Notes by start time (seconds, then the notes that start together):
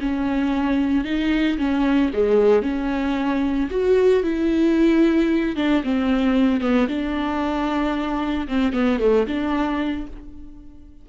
0.00 C#4
1.05 D#4
1.58 C#4
2.13 G#3
2.63 C#4
3.71 F#4
4.24 E4
5.57 D4
5.84 C4
6.61 B3
6.89 D4
8.48 C4
8.73 B3
9.00 A3
9.27 D4